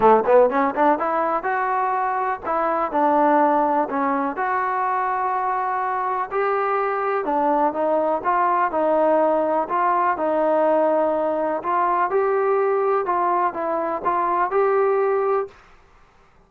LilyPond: \new Staff \with { instrumentName = "trombone" } { \time 4/4 \tempo 4 = 124 a8 b8 cis'8 d'8 e'4 fis'4~ | fis'4 e'4 d'2 | cis'4 fis'2.~ | fis'4 g'2 d'4 |
dis'4 f'4 dis'2 | f'4 dis'2. | f'4 g'2 f'4 | e'4 f'4 g'2 | }